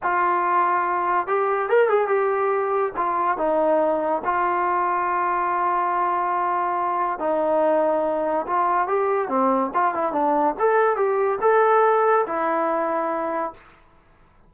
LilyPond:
\new Staff \with { instrumentName = "trombone" } { \time 4/4 \tempo 4 = 142 f'2. g'4 | ais'8 gis'8 g'2 f'4 | dis'2 f'2~ | f'1~ |
f'4 dis'2. | f'4 g'4 c'4 f'8 e'8 | d'4 a'4 g'4 a'4~ | a'4 e'2. | }